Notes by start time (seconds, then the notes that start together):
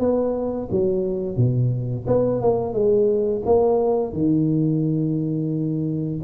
0.00 B3
0.71 F#3
1.37 B2
2.08 B3
2.42 A#3
2.74 G#3
3.46 A#3
4.13 D#3